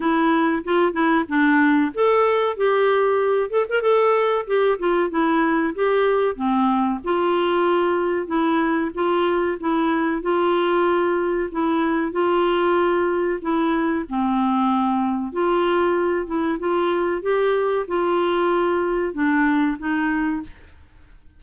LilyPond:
\new Staff \with { instrumentName = "clarinet" } { \time 4/4 \tempo 4 = 94 e'4 f'8 e'8 d'4 a'4 | g'4. a'16 ais'16 a'4 g'8 f'8 | e'4 g'4 c'4 f'4~ | f'4 e'4 f'4 e'4 |
f'2 e'4 f'4~ | f'4 e'4 c'2 | f'4. e'8 f'4 g'4 | f'2 d'4 dis'4 | }